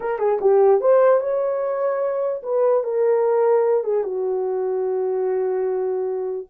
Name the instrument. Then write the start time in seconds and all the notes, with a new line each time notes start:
horn
0.00 A#4
0.18 G#4
0.40 G4
0.80 C5
1.20 C#5
2.43 B4
2.83 A#4
3.84 G#4
4.03 F#4